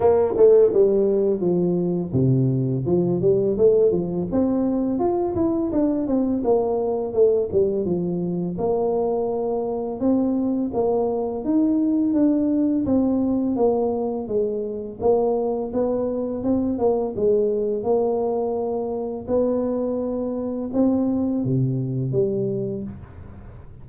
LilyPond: \new Staff \with { instrumentName = "tuba" } { \time 4/4 \tempo 4 = 84 ais8 a8 g4 f4 c4 | f8 g8 a8 f8 c'4 f'8 e'8 | d'8 c'8 ais4 a8 g8 f4 | ais2 c'4 ais4 |
dis'4 d'4 c'4 ais4 | gis4 ais4 b4 c'8 ais8 | gis4 ais2 b4~ | b4 c'4 c4 g4 | }